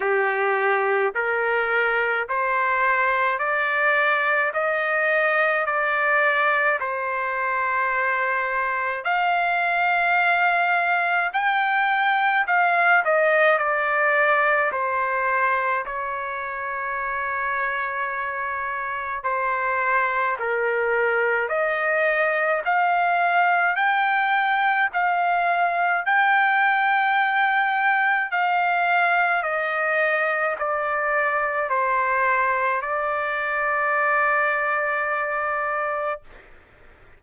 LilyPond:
\new Staff \with { instrumentName = "trumpet" } { \time 4/4 \tempo 4 = 53 g'4 ais'4 c''4 d''4 | dis''4 d''4 c''2 | f''2 g''4 f''8 dis''8 | d''4 c''4 cis''2~ |
cis''4 c''4 ais'4 dis''4 | f''4 g''4 f''4 g''4~ | g''4 f''4 dis''4 d''4 | c''4 d''2. | }